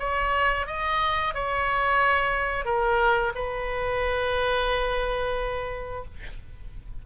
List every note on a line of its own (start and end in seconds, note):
0.00 0.67 C#5
0.67 1.35 D#5
1.35 2.66 C#5
2.66 3.33 A#4
3.36 6.05 B4